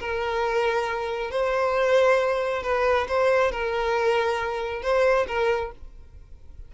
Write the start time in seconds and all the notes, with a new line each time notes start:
0.00 A#4
1.31 C5
2.63 B4
3.08 C5
3.52 A#4
4.82 C5
5.27 A#4